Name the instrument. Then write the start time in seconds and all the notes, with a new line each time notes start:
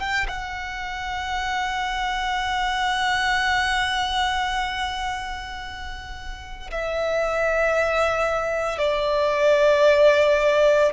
violin
0.00 G5
0.28 F#5
6.71 E5
8.78 D5